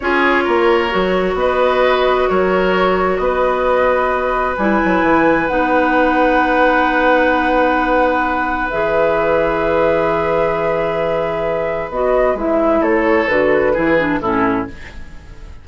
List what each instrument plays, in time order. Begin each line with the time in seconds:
0.00 bassoon C#4, clarinet F4, oboe G#4, flute C#5
0.43 bassoon A#3, oboe A#4
0.90 bassoon F#3, clarinet F#4
1.34 bassoon B3, oboe B4, flute D#5
2.29 bassoon F#3, oboe A#4, flute C#5
3.17 bassoon B3, oboe B4, flute D#5
4.57 bassoon G3, clarinet E4, flute G#5
4.84 bassoon F#3
5.02 bassoon E3
5.47 bassoon B3, clarinet D#4, flute F#5
8.70 bassoon E3, clarinet G#4, flute E5
11.89 bassoon B3, clarinet F#4, flute D#5
12.34 bassoon G#3, clarinet E4, flute E5
12.80 bassoon A3, oboe A4, flute C#5
13.27 bassoon D3, clarinet F#4, flute B4
13.73 bassoon E3, clarinet E4, oboe G#4
13.98 clarinet D4
14.20 bassoon A2, clarinet C#4, oboe E4, flute A4